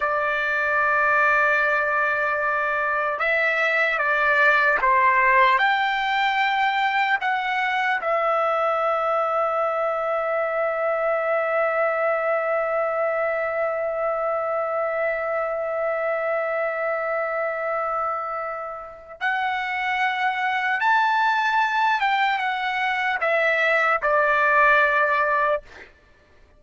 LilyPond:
\new Staff \with { instrumentName = "trumpet" } { \time 4/4 \tempo 4 = 75 d''1 | e''4 d''4 c''4 g''4~ | g''4 fis''4 e''2~ | e''1~ |
e''1~ | e''1 | fis''2 a''4. g''8 | fis''4 e''4 d''2 | }